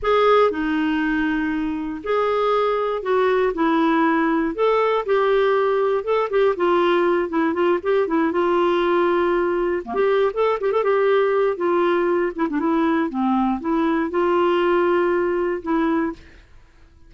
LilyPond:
\new Staff \with { instrumentName = "clarinet" } { \time 4/4 \tempo 4 = 119 gis'4 dis'2. | gis'2 fis'4 e'4~ | e'4 a'4 g'2 | a'8 g'8 f'4. e'8 f'8 g'8 |
e'8 f'2. ais16 g'16~ | g'8 a'8 g'16 a'16 g'4. f'4~ | f'8 e'16 d'16 e'4 c'4 e'4 | f'2. e'4 | }